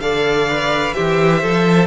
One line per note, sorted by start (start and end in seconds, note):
0.00 0.94 D3
0.00 0.49 A4
0.00 0.95 D5
0.00 0.94 F5
0.49 0.95 B4
0.94 1.44 E3
0.94 1.41 G4
0.94 1.87 C5
0.94 1.87 E5
1.42 1.87 F3
1.42 1.87 A4